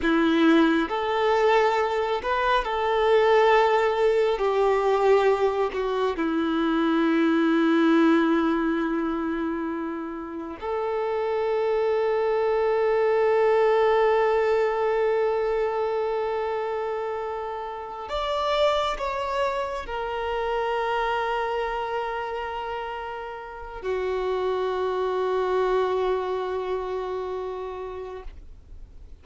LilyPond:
\new Staff \with { instrumentName = "violin" } { \time 4/4 \tempo 4 = 68 e'4 a'4. b'8 a'4~ | a'4 g'4. fis'8 e'4~ | e'1 | a'1~ |
a'1~ | a'8 d''4 cis''4 ais'4.~ | ais'2. fis'4~ | fis'1 | }